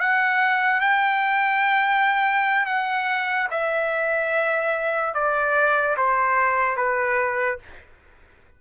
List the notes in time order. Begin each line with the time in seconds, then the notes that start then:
0.00 F#5
0.81 G5
2.66 F#5
3.50 E5
5.14 D5
5.97 C5
6.77 B4